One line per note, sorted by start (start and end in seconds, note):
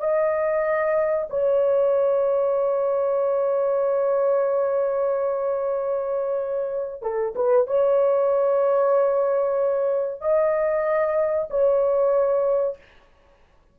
0.00 1.28 D#5
1.30 7.02 C#5
7.02 7.34 A4
7.35 7.67 B4
7.67 10.21 C#5
10.21 11.49 D#5
11.50 12.78 C#5